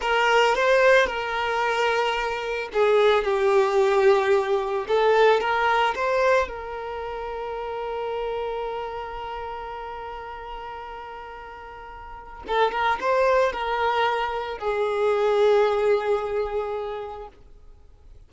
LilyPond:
\new Staff \with { instrumentName = "violin" } { \time 4/4 \tempo 4 = 111 ais'4 c''4 ais'2~ | ais'4 gis'4 g'2~ | g'4 a'4 ais'4 c''4 | ais'1~ |
ais'1~ | ais'2. a'8 ais'8 | c''4 ais'2 gis'4~ | gis'1 | }